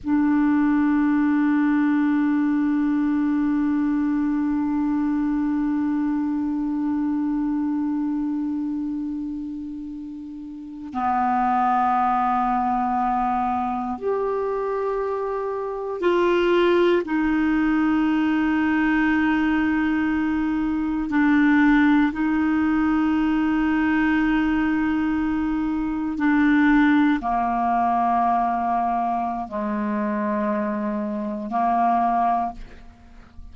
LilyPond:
\new Staff \with { instrumentName = "clarinet" } { \time 4/4 \tempo 4 = 59 d'1~ | d'1~ | d'2~ d'8. b4~ b16~ | b4.~ b16 g'2 f'16~ |
f'8. dis'2.~ dis'16~ | dis'8. d'4 dis'2~ dis'16~ | dis'4.~ dis'16 d'4 ais4~ ais16~ | ais4 gis2 ais4 | }